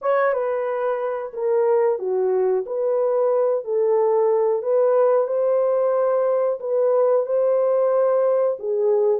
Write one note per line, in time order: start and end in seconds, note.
0.01 0.33 C#5
0.33 1.32 B4
1.33 1.98 A#4
1.98 2.64 F#4
2.66 3.64 B4
3.64 4.62 A4
4.62 5.27 B4
5.27 6.59 C5
6.60 7.25 B4
7.25 8.57 C5
8.59 9.20 G#4